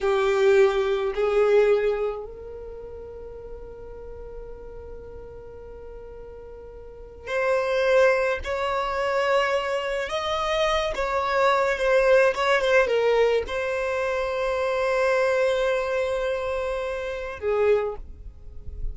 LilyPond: \new Staff \with { instrumentName = "violin" } { \time 4/4 \tempo 4 = 107 g'2 gis'2 | ais'1~ | ais'1~ | ais'4 c''2 cis''4~ |
cis''2 dis''4. cis''8~ | cis''4 c''4 cis''8 c''8 ais'4 | c''1~ | c''2. gis'4 | }